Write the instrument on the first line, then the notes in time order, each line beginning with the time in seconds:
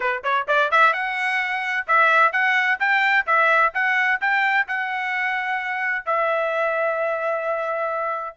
trumpet
0.00 B4
0.23 C#5
0.47 D5
0.71 E5
0.93 F#5
1.87 E5
2.32 F#5
2.79 G5
3.26 E5
3.74 F#5
4.20 G5
4.67 F#5
6.05 E5